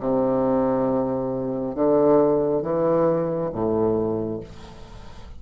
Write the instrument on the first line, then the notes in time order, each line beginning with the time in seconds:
bassoon
0.00 C3
1.75 D3
2.62 E3
3.53 A2